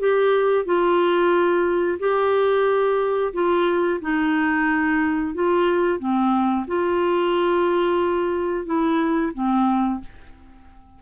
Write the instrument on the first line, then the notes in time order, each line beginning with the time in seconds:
clarinet
0.00 G4
0.65 F4
2.00 G4
3.33 F4
4.02 D#4
5.35 F4
6.00 C4
6.68 F4
8.66 E4
9.34 C4